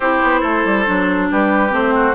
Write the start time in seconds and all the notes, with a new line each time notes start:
0.00 C4 E4 G4 C5
0.22 B3
0.40 A3 A4
0.64 G3
0.86 F#3 D4
1.31 G3 G4 B4
1.70 A3 C4 C5
1.94 F#4